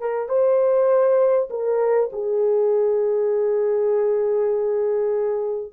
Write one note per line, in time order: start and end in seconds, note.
0.00 0.29 A#4
0.29 1.49 C5
1.50 2.10 A#4
2.12 5.72 G#4